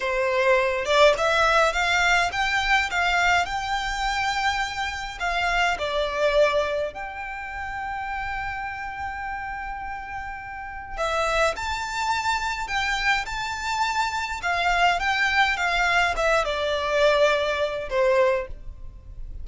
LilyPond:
\new Staff \with { instrumentName = "violin" } { \time 4/4 \tempo 4 = 104 c''4. d''8 e''4 f''4 | g''4 f''4 g''2~ | g''4 f''4 d''2 | g''1~ |
g''2. e''4 | a''2 g''4 a''4~ | a''4 f''4 g''4 f''4 | e''8 d''2~ d''8 c''4 | }